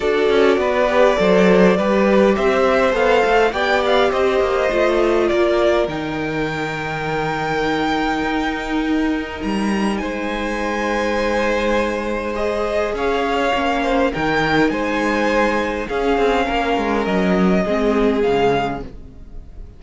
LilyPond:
<<
  \new Staff \with { instrumentName = "violin" } { \time 4/4 \tempo 4 = 102 d''1 | e''4 f''4 g''8 f''8 dis''4~ | dis''4 d''4 g''2~ | g''1 |
ais''4 gis''2.~ | gis''4 dis''4 f''2 | g''4 gis''2 f''4~ | f''4 dis''2 f''4 | }
  \new Staff \with { instrumentName = "violin" } { \time 4/4 a'4 b'4 c''4 b'4 | c''2 d''4 c''4~ | c''4 ais'2.~ | ais'1~ |
ais'4 c''2.~ | c''2 cis''4. c''8 | ais'4 c''2 gis'4 | ais'2 gis'2 | }
  \new Staff \with { instrumentName = "viola" } { \time 4/4 fis'4. g'8 a'4 g'4~ | g'4 a'4 g'2 | f'2 dis'2~ | dis'1~ |
dis'1~ | dis'4 gis'2 cis'4 | dis'2. cis'4~ | cis'2 c'4 gis4 | }
  \new Staff \with { instrumentName = "cello" } { \time 4/4 d'8 cis'8 b4 fis4 g4 | c'4 b8 a8 b4 c'8 ais8 | a4 ais4 dis2~ | dis2 dis'2 |
g4 gis2.~ | gis2 cis'4 ais4 | dis4 gis2 cis'8 c'8 | ais8 gis8 fis4 gis4 cis4 | }
>>